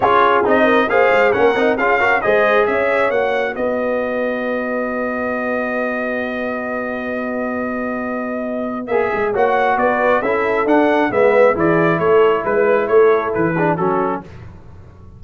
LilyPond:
<<
  \new Staff \with { instrumentName = "trumpet" } { \time 4/4 \tempo 4 = 135 cis''4 dis''4 f''4 fis''4 | f''4 dis''4 e''4 fis''4 | dis''1~ | dis''1~ |
dis''1 | e''4 fis''4 d''4 e''4 | fis''4 e''4 d''4 cis''4 | b'4 cis''4 b'4 a'4 | }
  \new Staff \with { instrumentName = "horn" } { \time 4/4 gis'4. ais'8 c''4 ais'4 | gis'8 ais'8 c''4 cis''2 | b'1~ | b'1~ |
b'1~ | b'4 cis''4 b'4 a'4~ | a'4 b'4 gis'4 a'4 | b'4 a'4. gis'8 fis'4 | }
  \new Staff \with { instrumentName = "trombone" } { \time 4/4 f'4 dis'4 gis'4 cis'8 dis'8 | f'8 fis'8 gis'2 fis'4~ | fis'1~ | fis'1~ |
fis'1 | gis'4 fis'2 e'4 | d'4 b4 e'2~ | e'2~ e'8 d'8 cis'4 | }
  \new Staff \with { instrumentName = "tuba" } { \time 4/4 cis'4 c'4 ais8 gis8 ais8 c'8 | cis'4 gis4 cis'4 ais4 | b1~ | b1~ |
b1 | ais8 gis8 ais4 b4 cis'4 | d'4 gis4 e4 a4 | gis4 a4 e4 fis4 | }
>>